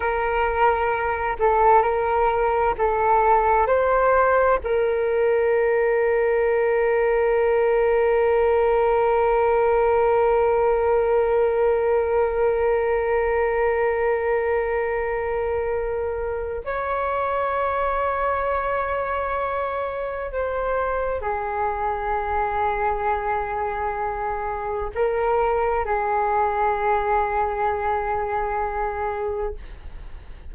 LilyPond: \new Staff \with { instrumentName = "flute" } { \time 4/4 \tempo 4 = 65 ais'4. a'8 ais'4 a'4 | c''4 ais'2.~ | ais'1~ | ais'1~ |
ais'2 cis''2~ | cis''2 c''4 gis'4~ | gis'2. ais'4 | gis'1 | }